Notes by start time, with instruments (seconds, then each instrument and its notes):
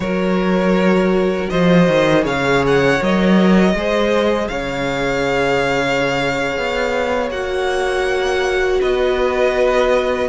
0.00 cello F#3, viola F#4, violin A#4 C#5
1.49 cello F3, violin C5 D#5
1.87 cello D#3
2.21 cello C#3, viola G#4, violin C#5 F5
2.67 violin F#5
2.99 cello F#3, viola A#4, violin D#5
3.74 cello G#3, viola G#4, violin C5
4.48 cello C#3, violin C#5 F5
6.57 cello B3
7.30 cello A#3, viola F#4, violin F#5
8.80 cello B3, violin B4 D#5